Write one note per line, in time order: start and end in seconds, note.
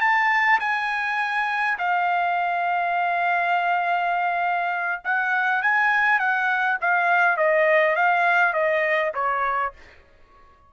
0.00 0.59 A5
0.60 1.77 G#5
1.78 5.01 F5
5.04 5.62 F#5
5.62 6.18 G#5
6.18 6.77 F#5
6.80 7.37 F5
7.37 7.95 D#5
7.95 8.53 F5
8.53 9.12 D#5
9.14 9.73 C#5